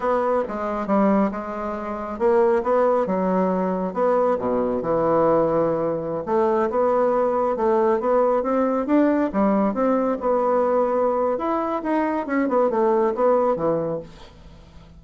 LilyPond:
\new Staff \with { instrumentName = "bassoon" } { \time 4/4 \tempo 4 = 137 b4 gis4 g4 gis4~ | gis4 ais4 b4 fis4~ | fis4 b4 b,4 e4~ | e2~ e16 a4 b8.~ |
b4~ b16 a4 b4 c'8.~ | c'16 d'4 g4 c'4 b8.~ | b2 e'4 dis'4 | cis'8 b8 a4 b4 e4 | }